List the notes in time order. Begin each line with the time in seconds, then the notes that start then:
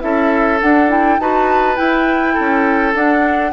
0.00 C#4 E4 A4 E5
0.61 D4 F#5
0.89 E4 G5
1.19 D#4 F#4 B4 A5
1.76 E4 G5
2.34 A4
2.40 C#4
2.95 D4 F#5